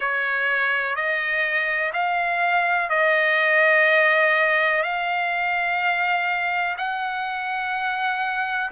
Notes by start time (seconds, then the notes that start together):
0.00 C#5
0.95 D#5
1.93 F5
2.89 D#5
4.82 F5
6.77 F#5